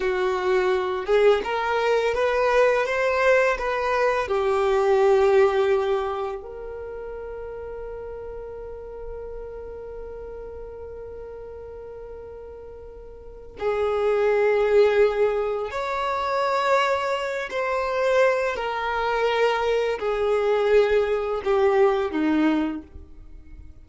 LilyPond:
\new Staff \with { instrumentName = "violin" } { \time 4/4 \tempo 4 = 84 fis'4. gis'8 ais'4 b'4 | c''4 b'4 g'2~ | g'4 ais'2.~ | ais'1~ |
ais'2. gis'4~ | gis'2 cis''2~ | cis''8 c''4. ais'2 | gis'2 g'4 dis'4 | }